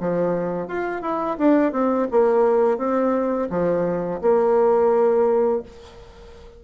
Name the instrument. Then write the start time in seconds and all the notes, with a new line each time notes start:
bassoon
0.00 F3
0.68 F4
1.02 E4
1.38 D4
1.72 C4
2.11 A#3
2.78 C4
3.50 F3
4.21 A#3